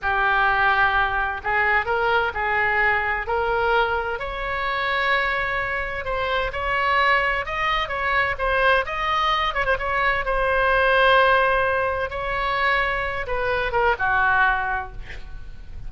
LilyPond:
\new Staff \with { instrumentName = "oboe" } { \time 4/4 \tempo 4 = 129 g'2. gis'4 | ais'4 gis'2 ais'4~ | ais'4 cis''2.~ | cis''4 c''4 cis''2 |
dis''4 cis''4 c''4 dis''4~ | dis''8 cis''16 c''16 cis''4 c''2~ | c''2 cis''2~ | cis''8 b'4 ais'8 fis'2 | }